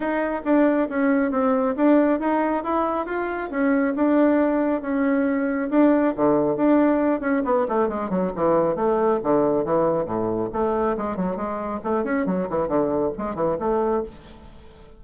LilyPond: \new Staff \with { instrumentName = "bassoon" } { \time 4/4 \tempo 4 = 137 dis'4 d'4 cis'4 c'4 | d'4 dis'4 e'4 f'4 | cis'4 d'2 cis'4~ | cis'4 d'4 d4 d'4~ |
d'8 cis'8 b8 a8 gis8 fis8 e4 | a4 d4 e4 a,4 | a4 gis8 fis8 gis4 a8 cis'8 | fis8 e8 d4 gis8 e8 a4 | }